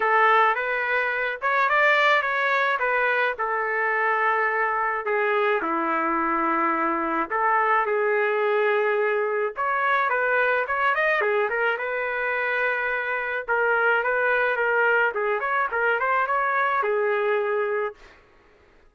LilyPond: \new Staff \with { instrumentName = "trumpet" } { \time 4/4 \tempo 4 = 107 a'4 b'4. cis''8 d''4 | cis''4 b'4 a'2~ | a'4 gis'4 e'2~ | e'4 a'4 gis'2~ |
gis'4 cis''4 b'4 cis''8 dis''8 | gis'8 ais'8 b'2. | ais'4 b'4 ais'4 gis'8 cis''8 | ais'8 c''8 cis''4 gis'2 | }